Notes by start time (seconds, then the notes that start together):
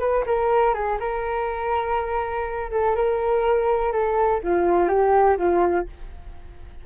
0.00 B4
0.26 A#4
0.74 G#4
1.00 A#4
2.71 A4
2.95 A#4
3.92 A4
4.43 F4
4.88 G4
5.38 F4